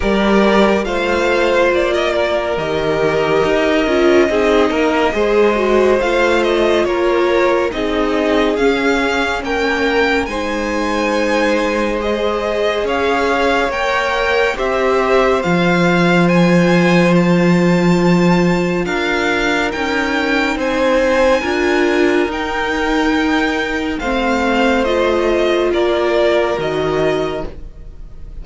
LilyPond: <<
  \new Staff \with { instrumentName = "violin" } { \time 4/4 \tempo 4 = 70 d''4 f''4 d''4 dis''4~ | dis''2. f''8 dis''8 | cis''4 dis''4 f''4 g''4 | gis''2 dis''4 f''4 |
g''4 e''4 f''4 gis''4 | a''2 f''4 g''4 | gis''2 g''2 | f''4 dis''4 d''4 dis''4 | }
  \new Staff \with { instrumentName = "violin" } { \time 4/4 ais'4 c''4~ c''16 dis''16 ais'4.~ | ais'4 gis'8 ais'8 c''2 | ais'4 gis'2 ais'4 | c''2. cis''4~ |
cis''4 c''2.~ | c''2 ais'2 | c''4 ais'2. | c''2 ais'2 | }
  \new Staff \with { instrumentName = "viola" } { \time 4/4 g'4 f'2 g'4~ | g'8 f'8 dis'4 gis'8 fis'8 f'4~ | f'4 dis'4 cis'2 | dis'2 gis'2 |
ais'4 g'4 f'2~ | f'2. dis'4~ | dis'4 f'4 dis'2 | c'4 f'2 fis'4 | }
  \new Staff \with { instrumentName = "cello" } { \time 4/4 g4 a4 ais4 dis4 | dis'8 cis'8 c'8 ais8 gis4 a4 | ais4 c'4 cis'4 ais4 | gis2. cis'4 |
ais4 c'4 f2~ | f2 d'4 cis'4 | c'4 d'4 dis'2 | a2 ais4 dis4 | }
>>